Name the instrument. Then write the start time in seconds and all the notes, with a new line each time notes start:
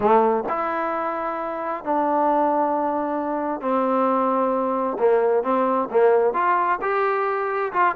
trombone
0.00 A3
0.48 E4
1.84 D4
3.61 C4
4.98 A#3
5.43 C4
5.90 A#3
6.33 F4
6.81 G4
7.72 F4